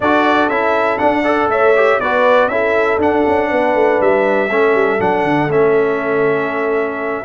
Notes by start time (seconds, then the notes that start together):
0.00 D4 F#4 A4 D5
0.48 C#4 E4 E5
0.98 D4 F#5
1.22 A4 D5
1.48 A3 C#5 E5
1.75 G4
2.00 B3 F#4 B4 D5
2.47 C#4 E4 A4 E5
2.98 D4 F#5
3.27 C#4
3.49 B3 B4
3.74 A3
4.00 G3 E5
4.50 A3 C#4 A4
4.74 G3
4.99 F#3 D4 F#5
5.23 D3
5.48 A3 C#4 E5